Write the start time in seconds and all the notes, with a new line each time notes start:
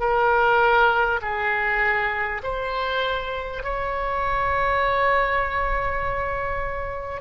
0.00 A#4
1.22 G#4
2.44 C5
3.63 C#5